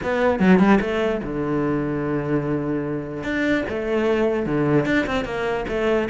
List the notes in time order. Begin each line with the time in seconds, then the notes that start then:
0.02 B3
0.39 F#3
0.59 G3
0.80 A3
1.23 D3
3.23 D4
3.69 A3
4.45 D3
4.85 D4
5.06 C4
5.24 A#3
5.68 A3